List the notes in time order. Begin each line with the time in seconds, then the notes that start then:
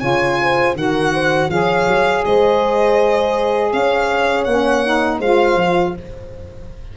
0.00 C#3 F4 C#5 G#5
0.41 C5
0.74 D#3 F#4 A#4 F#5
1.12 C5
1.49 F3 G#4 C#5 F5
1.87 F#3
2.25 G#3 C5 D#5
3.72 C#4 C#5 F5
4.44 A#3 C#4 F#5
4.85 D#4
5.19 G#3 F4 C5 F5
5.55 F3